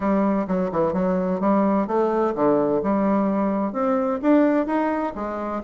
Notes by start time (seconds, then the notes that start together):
0.00 G3
0.47 F#3
0.71 E3
0.93 F#3
1.40 G3
1.87 A3
2.35 D3
2.83 G3
3.72 C4
4.22 D4
4.66 D#4
5.15 G#3